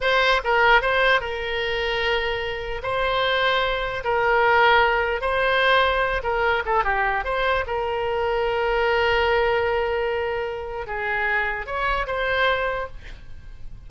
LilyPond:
\new Staff \with { instrumentName = "oboe" } { \time 4/4 \tempo 4 = 149 c''4 ais'4 c''4 ais'4~ | ais'2. c''4~ | c''2 ais'2~ | ais'4 c''2~ c''8 ais'8~ |
ais'8 a'8 g'4 c''4 ais'4~ | ais'1~ | ais'2. gis'4~ | gis'4 cis''4 c''2 | }